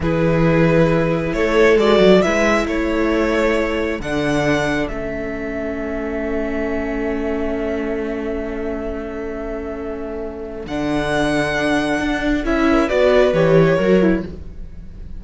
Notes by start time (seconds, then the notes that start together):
0.00 E3 E4 G#4 B4
1.33 A3 A4 C#5
1.77 G#3 F#4 D5
1.98 F#3
2.22 G#3 E4 B4 E5
2.64 A3 A4 C#5
3.99 D3 D4 F#5
4.87 A3 C#4 E5
10.66 D3 D4 F#5
12.00 D4
12.44 C#4 E4 E5
12.71 A#4
12.86 B3 F#4 B4 D5
13.33 E3 G4 C#5
13.76 F#3 F#4 A#4
14.01 E4